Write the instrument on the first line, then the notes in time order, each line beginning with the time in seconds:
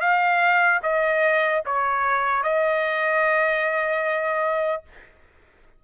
trumpet
0.00 F5
0.83 D#5
1.65 C#5
2.43 D#5